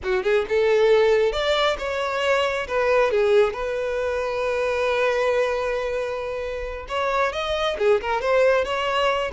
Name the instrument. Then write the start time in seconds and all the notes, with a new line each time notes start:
violin
0.03 F#4
0.23 G#4
0.48 A4
1.32 D5
1.78 C#5
2.67 B4
3.11 G#4
3.53 B4
6.88 C#5
7.32 D#5
7.78 G#4
8.01 A#4
8.21 C5
8.64 C#5